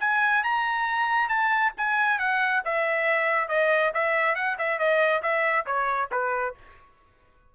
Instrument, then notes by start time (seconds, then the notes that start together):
trumpet
0.00 G#5
0.43 A#5
1.29 A5
1.77 G#5
2.19 F#5
2.65 E5
3.48 D#5
3.94 E5
4.35 F#5
4.58 E5
4.79 D#5
5.22 E5
5.66 C#5
6.11 B4